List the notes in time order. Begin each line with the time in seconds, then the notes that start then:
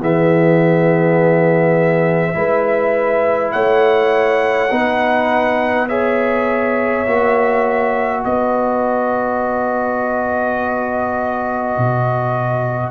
0.00 E3 B3 G#4 E5
2.34 G#3 E4 B4
3.52 A3 C#5 F#5
4.70 B3 D#4 B4
5.88 G#4 C#5 E5
7.06 A#3 F#4
8.21 B3 B4 D#5
11.77 B2